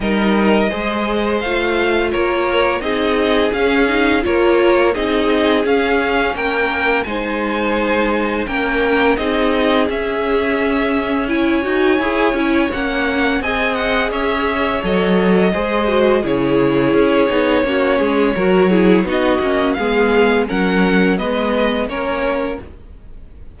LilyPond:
<<
  \new Staff \with { instrumentName = "violin" } { \time 4/4 \tempo 4 = 85 dis''2 f''4 cis''4 | dis''4 f''4 cis''4 dis''4 | f''4 g''4 gis''2 | g''4 dis''4 e''2 |
gis''2 fis''4 gis''8 fis''8 | e''4 dis''2 cis''4~ | cis''2. dis''4 | f''4 fis''4 dis''4 cis''4 | }
  \new Staff \with { instrumentName = "violin" } { \time 4/4 ais'4 c''2 ais'4 | gis'2 ais'4 gis'4~ | gis'4 ais'4 c''2 | ais'4 gis'2. |
cis''2. dis''4 | cis''2 c''4 gis'4~ | gis'4 fis'8 gis'8 ais'8 gis'8 fis'4 | gis'4 ais'4 b'4 ais'4 | }
  \new Staff \with { instrumentName = "viola" } { \time 4/4 dis'4 gis'4 f'2 | dis'4 cis'8 dis'8 f'4 dis'4 | cis'2 dis'2 | cis'4 dis'4 cis'2 |
e'8 fis'8 gis'8 e'8 cis'4 gis'4~ | gis'4 a'4 gis'8 fis'8 e'4~ | e'8 dis'8 cis'4 fis'8 e'8 dis'8 cis'8 | b4 cis'4 b4 cis'4 | }
  \new Staff \with { instrumentName = "cello" } { \time 4/4 g4 gis4 a4 ais4 | c'4 cis'4 ais4 c'4 | cis'4 ais4 gis2 | ais4 c'4 cis'2~ |
cis'8 dis'8 e'8 cis'8 ais4 c'4 | cis'4 fis4 gis4 cis4 | cis'8 b8 ais8 gis8 fis4 b8 ais8 | gis4 fis4 gis4 ais4 | }
>>